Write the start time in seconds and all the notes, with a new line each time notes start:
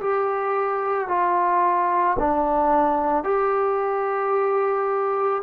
0.00 G4
1.08 F4
2.19 D4
3.24 G4